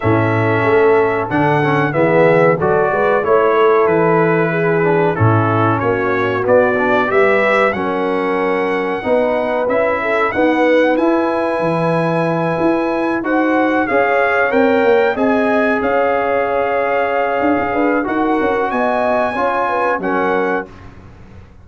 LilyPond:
<<
  \new Staff \with { instrumentName = "trumpet" } { \time 4/4 \tempo 4 = 93 e''2 fis''4 e''4 | d''4 cis''4 b'2 | a'4 cis''4 d''4 e''4 | fis''2. e''4 |
fis''4 gis''2.~ | gis''8 fis''4 f''4 g''4 gis''8~ | gis''8 f''2.~ f''8 | fis''4 gis''2 fis''4 | }
  \new Staff \with { instrumentName = "horn" } { \time 4/4 a'2. gis'4 | a'8 b'8 cis''8 a'4. gis'4 | e'4 fis'2 b'4 | ais'2 b'4. a'8 |
b'1~ | b'8 c''4 cis''2 dis''8~ | dis''8 cis''2. b'8 | ais'4 dis''4 cis''8 b'8 ais'4 | }
  \new Staff \with { instrumentName = "trombone" } { \time 4/4 cis'2 d'8 cis'8 b4 | fis'4 e'2~ e'8 d'8 | cis'2 b8 d'8 g'4 | cis'2 dis'4 e'4 |
b4 e'2.~ | e'8 fis'4 gis'4 ais'4 gis'8~ | gis'1 | fis'2 f'4 cis'4 | }
  \new Staff \with { instrumentName = "tuba" } { \time 4/4 a,4 a4 d4 e4 | fis8 gis8 a4 e2 | a,4 ais4 b4 g4 | fis2 b4 cis'4 |
dis'4 e'4 e4. e'8~ | e'8 dis'4 cis'4 c'8 ais8 c'8~ | c'8 cis'2~ cis'8 d'16 cis'16 d'8 | dis'8 cis'8 b4 cis'4 fis4 | }
>>